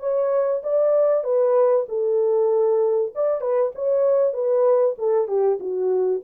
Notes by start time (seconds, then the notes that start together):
0.00 C#5
0.63 D5
1.24 B4
1.89 A4
3.15 D5
3.41 B4
3.75 C#5
4.34 B4
4.98 A4
5.28 G4
5.60 F#4